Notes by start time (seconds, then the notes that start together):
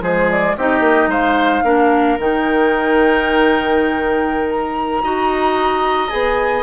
0.00 F3 G#3 G#4 C5
0.30 D5
0.56 C4 D#4 G4 D#5
0.80 A#3
1.07 G#3 C5 F5
1.64 A#3 D4 A#4
2.18 D#3 D#4 G5
4.50 A#5
5.03 D#4 F#4 D#5
6.09 B3 G#4 G#5